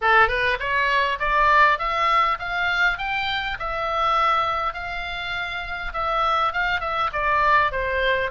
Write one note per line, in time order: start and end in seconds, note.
0.01 0.28 A4
0.28 0.57 B4
0.59 1.19 C#5
1.19 1.78 D5
1.78 2.38 E5
2.39 2.98 F5
2.98 3.57 G5
3.59 4.73 E5
4.73 5.92 F5
5.93 6.52 E5
6.52 6.80 F5
6.80 7.10 E5
7.12 7.71 D5
7.71 8.30 C5